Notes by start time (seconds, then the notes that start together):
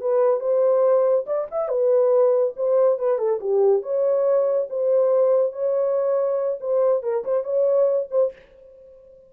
0.00 B4
0.40 C5
1.26 D5
1.51 E5
1.68 B4
2.56 C5
2.99 B4
3.18 A4
3.40 G4
3.82 C#5
4.69 C5
5.52 C#5
6.60 C5
7.03 A#4
7.24 C5
7.44 C#5
8.11 C5